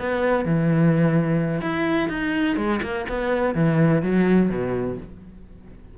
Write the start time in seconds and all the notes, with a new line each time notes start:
0.00 B3
0.46 E3
1.62 E4
2.10 D#4
2.57 G#3
2.83 A#3
3.10 B3
3.55 E3
4.03 F#3
4.50 B2